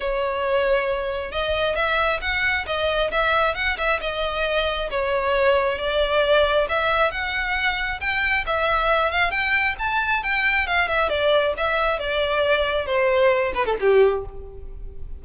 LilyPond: \new Staff \with { instrumentName = "violin" } { \time 4/4 \tempo 4 = 135 cis''2. dis''4 | e''4 fis''4 dis''4 e''4 | fis''8 e''8 dis''2 cis''4~ | cis''4 d''2 e''4 |
fis''2 g''4 e''4~ | e''8 f''8 g''4 a''4 g''4 | f''8 e''8 d''4 e''4 d''4~ | d''4 c''4. b'16 a'16 g'4 | }